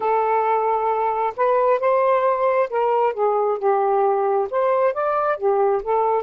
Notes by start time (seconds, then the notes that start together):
0.00 A4
1.36 B4
1.79 C5
2.69 A#4
3.13 G#4
3.58 G4
4.50 C5
4.93 D5
5.37 G4
5.82 A4